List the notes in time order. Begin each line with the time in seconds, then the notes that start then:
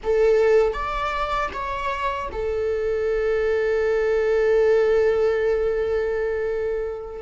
0.03 A4
0.72 D5
1.53 C#5
2.32 A4